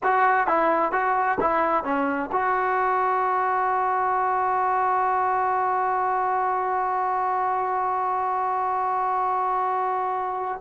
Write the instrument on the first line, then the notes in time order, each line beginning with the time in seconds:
trombone
0.03 F#4
0.47 E4
0.92 F#4
1.40 E4
1.83 C#4
2.32 F#4